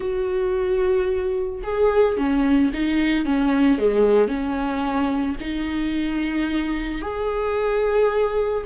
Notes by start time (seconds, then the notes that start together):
0.00 F#4
1.63 G#4
2.17 C#4
2.73 D#4
3.25 C#4
3.78 G#3
4.28 C#4
5.40 D#4
7.01 G#4